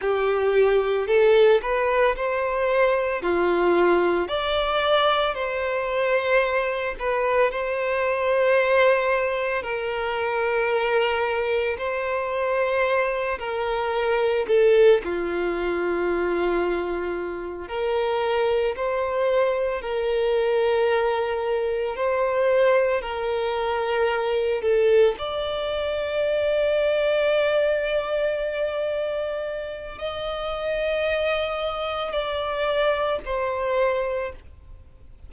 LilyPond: \new Staff \with { instrumentName = "violin" } { \time 4/4 \tempo 4 = 56 g'4 a'8 b'8 c''4 f'4 | d''4 c''4. b'8 c''4~ | c''4 ais'2 c''4~ | c''8 ais'4 a'8 f'2~ |
f'8 ais'4 c''4 ais'4.~ | ais'8 c''4 ais'4. a'8 d''8~ | d''1 | dis''2 d''4 c''4 | }